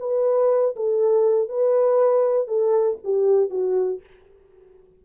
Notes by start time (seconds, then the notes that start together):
0.00 B4
0.77 A4
1.49 B4
2.48 A4
3.04 G4
3.50 F#4